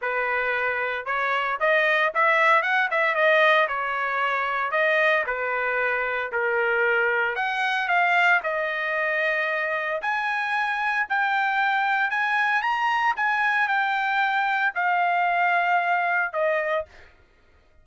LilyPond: \new Staff \with { instrumentName = "trumpet" } { \time 4/4 \tempo 4 = 114 b'2 cis''4 dis''4 | e''4 fis''8 e''8 dis''4 cis''4~ | cis''4 dis''4 b'2 | ais'2 fis''4 f''4 |
dis''2. gis''4~ | gis''4 g''2 gis''4 | ais''4 gis''4 g''2 | f''2. dis''4 | }